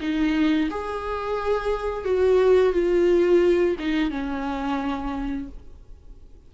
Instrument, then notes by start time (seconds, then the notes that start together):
viola
0.00 D#4
0.70 G#4
2.05 F#4
2.73 F4
3.79 D#4
4.10 C#4